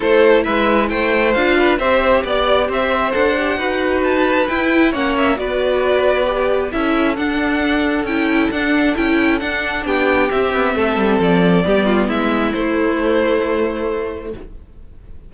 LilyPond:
<<
  \new Staff \with { instrumentName = "violin" } { \time 4/4 \tempo 4 = 134 c''4 e''4 g''4 f''4 | e''4 d''4 e''4 fis''4~ | fis''4 a''4 g''4 fis''8 e''8 | d''2. e''4 |
fis''2 g''4 fis''4 | g''4 fis''4 g''4 e''4~ | e''4 d''2 e''4 | c''1 | }
  \new Staff \with { instrumentName = "violin" } { \time 4/4 a'4 b'4 c''4. b'8 | c''4 d''4 c''2 | b'2. cis''4 | b'2. a'4~ |
a'1~ | a'2 g'2 | a'2 g'8 f'8 e'4~ | e'1 | }
  \new Staff \with { instrumentName = "viola" } { \time 4/4 e'2. f'4 | g'2. a'8 g'8 | fis'2 e'4 cis'4 | fis'2 g'4 e'4 |
d'2 e'4 d'4 | e'4 d'2 c'4~ | c'2 b2 | a1 | }
  \new Staff \with { instrumentName = "cello" } { \time 4/4 a4 gis4 a4 d'4 | c'4 b4 c'4 d'4 | dis'2 e'4 ais4 | b2. cis'4 |
d'2 cis'4 d'4 | cis'4 d'4 b4 c'8 b8 | a8 g8 f4 g4 gis4 | a1 | }
>>